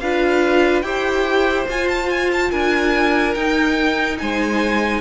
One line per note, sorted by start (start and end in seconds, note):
0.00 0.83 D4
0.00 0.84 F4
0.00 0.85 B4
0.00 0.82 F5
0.82 1.66 E4
0.82 1.67 G4
0.82 2.51 C5
0.82 1.66 G5
1.69 2.52 F4
1.69 3.37 F4
1.69 1.89 G#5
1.89 2.10 A5
2.11 2.31 G#5
2.33 2.52 A5
2.51 3.36 D4
2.51 4.18 A#4
2.51 3.35 G#5
3.35 4.19 D#4
3.35 5.01 D#4
3.35 4.18 G5
4.19 5.01 G#3
4.19 5.01 C5
4.19 5.01 G#5